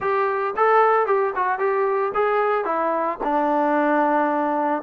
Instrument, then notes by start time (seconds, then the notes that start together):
trombone
0.00 G4
0.56 A4
1.06 G4
1.35 F#4
1.59 G4
2.14 G#4
2.64 E4
3.23 D4